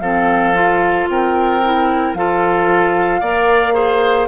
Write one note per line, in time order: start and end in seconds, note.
0.00 1.07 F3
0.00 0.54 C4
0.00 1.09 A4
0.00 1.07 F5
0.54 1.61 F4
1.08 2.14 C4
1.08 2.18 A#4
1.08 2.15 G5
1.64 2.16 E4
2.14 3.21 F3
2.14 3.22 F4
2.14 3.20 A4
2.14 4.28 F5
3.20 4.28 A#3
3.20 3.73 A#4
3.20 3.74 D5
3.73 4.27 G#4
3.73 4.27 C5